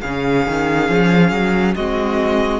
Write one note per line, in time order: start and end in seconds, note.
0.00 0.46 C#3
0.00 1.77 C#4
0.00 1.75 G#4
0.00 1.74 F5
0.47 0.89 D#3
0.89 1.31 F3
1.31 1.75 F#3
1.75 2.60 G#3
1.75 2.60 C4
1.75 2.60 F#4
1.75 2.60 D#5